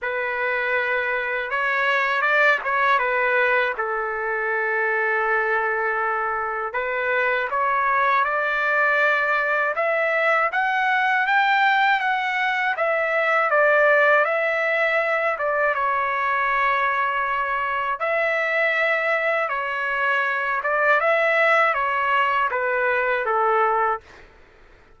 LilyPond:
\new Staff \with { instrumentName = "trumpet" } { \time 4/4 \tempo 4 = 80 b'2 cis''4 d''8 cis''8 | b'4 a'2.~ | a'4 b'4 cis''4 d''4~ | d''4 e''4 fis''4 g''4 |
fis''4 e''4 d''4 e''4~ | e''8 d''8 cis''2. | e''2 cis''4. d''8 | e''4 cis''4 b'4 a'4 | }